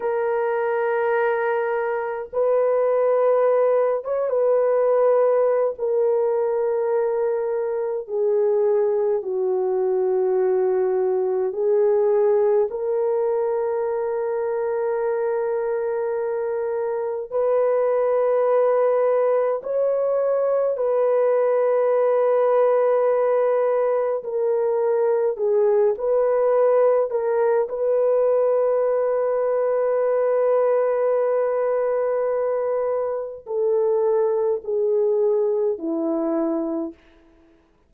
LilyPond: \new Staff \with { instrumentName = "horn" } { \time 4/4 \tempo 4 = 52 ais'2 b'4. cis''16 b'16~ | b'4 ais'2 gis'4 | fis'2 gis'4 ais'4~ | ais'2. b'4~ |
b'4 cis''4 b'2~ | b'4 ais'4 gis'8 b'4 ais'8 | b'1~ | b'4 a'4 gis'4 e'4 | }